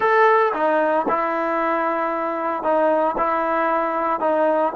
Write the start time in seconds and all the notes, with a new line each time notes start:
0.00 A4
0.53 D#4
1.08 E4
2.63 D#4
3.17 E4
4.20 D#4